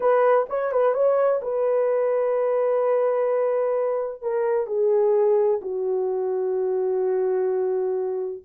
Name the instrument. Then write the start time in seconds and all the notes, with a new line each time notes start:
horn
0.00 B4
0.49 C#5
0.72 B4
0.94 C#5
1.42 B4
4.22 A#4
4.66 G#4
5.61 F#4